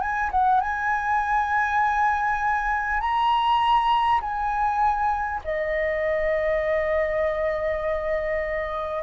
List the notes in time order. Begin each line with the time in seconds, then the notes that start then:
0.00 G#5
0.31 F#5
0.60 G#5
3.01 A#5
4.21 G#5
5.44 D#5